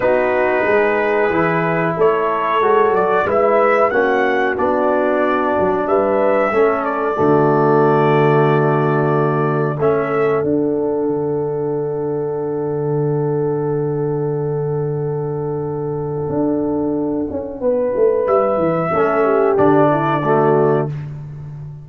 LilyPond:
<<
  \new Staff \with { instrumentName = "trumpet" } { \time 4/4 \tempo 4 = 92 b'2. cis''4~ | cis''8 d''8 e''4 fis''4 d''4~ | d''4 e''4. d''4.~ | d''2. e''4 |
fis''1~ | fis''1~ | fis''1 | e''2 d''2 | }
  \new Staff \with { instrumentName = "horn" } { \time 4/4 fis'4 gis'2 a'4~ | a'4 b'4 fis'2~ | fis'4 b'4 a'4 fis'4~ | fis'2. a'4~ |
a'1~ | a'1~ | a'2. b'4~ | b'4 a'8 g'4 e'8 fis'4 | }
  \new Staff \with { instrumentName = "trombone" } { \time 4/4 dis'2 e'2 | fis'4 e'4 cis'4 d'4~ | d'2 cis'4 a4~ | a2. cis'4 |
d'1~ | d'1~ | d'1~ | d'4 cis'4 d'4 a4 | }
  \new Staff \with { instrumentName = "tuba" } { \time 4/4 b4 gis4 e4 a4 | gis8 fis8 gis4 ais4 b4~ | b8 fis8 g4 a4 d4~ | d2. a4 |
d'4 d2.~ | d1~ | d4 d'4. cis'8 b8 a8 | g8 e8 a4 d2 | }
>>